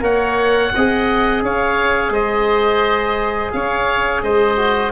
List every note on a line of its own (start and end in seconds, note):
0.00 0.71 A#3
0.00 0.70 A#4
0.00 0.72 C#5
0.00 1.43 F#5
0.74 1.42 C4
0.74 4.56 G#4
0.74 1.43 D#5
1.42 2.09 C#4
1.42 2.12 C#5
1.42 2.13 F5
2.09 3.49 G#3
2.09 3.51 C5
2.09 3.52 D#5
3.52 4.22 C#4
3.52 4.23 C#5
3.52 4.21 F5
4.22 4.91 G#3
4.22 4.91 C5
4.22 4.91 D#5
4.56 4.91 F#4